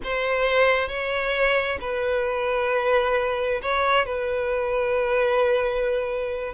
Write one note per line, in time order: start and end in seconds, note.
0.03 0.88 C5
0.88 1.78 C#5
1.80 3.61 B4
3.62 4.05 C#5
4.05 6.54 B4